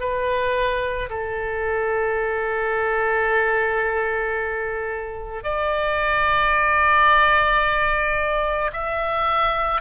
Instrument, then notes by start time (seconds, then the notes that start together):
oboe
0.00 B4
1.10 A4
5.43 D5
8.73 E5